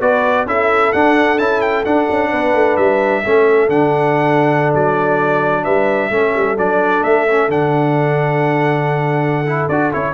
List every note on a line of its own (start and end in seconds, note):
0.00 0.46 B3
0.00 0.47 F#4
0.00 0.47 B4
0.00 0.47 D5
0.46 0.92 C#4
0.46 0.93 E4
0.46 2.30 A4
0.46 0.92 E5
0.92 1.38 D4
0.92 1.38 F#5
1.38 1.85 C#4
1.38 1.85 E4
1.38 1.61 A5
1.61 1.84 G5
1.85 3.24 D4
1.85 2.09 D4
1.85 2.76 F#5
2.10 2.32 C#4
2.30 2.54 B3
2.30 3.22 B4
2.54 2.77 A3
2.76 3.23 G3
2.76 3.69 E5
3.23 3.69 A3
3.23 3.69 C#4
3.23 5.63 A4
3.69 4.72 D3
3.69 6.11 D4
3.69 4.73 F#5
4.74 5.65 F#3
4.74 5.64 D5
5.63 6.10 G3
5.63 6.09 B4
5.63 6.57 E5
6.10 6.33 A3
6.10 6.57 C#4
6.10 10.13 A4
6.36 6.57 G3
6.57 7.02 F#3
6.57 7.28 D4
6.57 7.03 D5
7.02 7.48 A3
7.02 7.49 E5
7.28 7.50 C#4
7.48 9.67 D3
7.48 9.46 D4
7.48 9.69 F#5
9.47 9.70 E4
9.69 9.92 D4
9.69 9.92 F#4
9.69 9.92 D5
9.92 10.13 C#4
9.92 10.13 E4
9.92 10.13 C#5